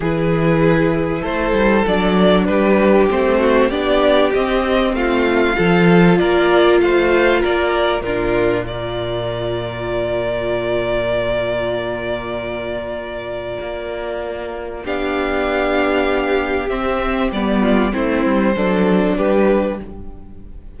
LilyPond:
<<
  \new Staff \with { instrumentName = "violin" } { \time 4/4 \tempo 4 = 97 b'2 c''4 d''4 | b'4 c''4 d''4 dis''4 | f''2 d''4 f''4 | d''4 ais'4 d''2~ |
d''1~ | d''1 | f''2. e''4 | d''4 c''2 b'4 | }
  \new Staff \with { instrumentName = "violin" } { \time 4/4 gis'2 a'2 | g'4. fis'8 g'2 | f'4 a'4 ais'4 c''4 | ais'4 f'4 ais'2~ |
ais'1~ | ais'1 | g'1~ | g'8 f'8 e'4 a'4 g'4 | }
  \new Staff \with { instrumentName = "viola" } { \time 4/4 e'2. d'4~ | d'4 c'4 d'4 c'4~ | c'4 f'2.~ | f'4 d'4 f'2~ |
f'1~ | f'1 | d'2. c'4 | b4 c'4 d'2 | }
  \new Staff \with { instrumentName = "cello" } { \time 4/4 e2 a8 g8 fis4 | g4 a4 b4 c'4 | a4 f4 ais4 a4 | ais4 ais,2.~ |
ais,1~ | ais,2 ais2 | b2. c'4 | g4 a8 g8 fis4 g4 | }
>>